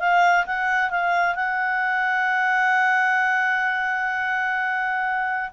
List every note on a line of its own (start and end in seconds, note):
0.00 0.46 F5
0.46 0.91 F#5
0.91 1.36 F5
1.36 5.51 F#5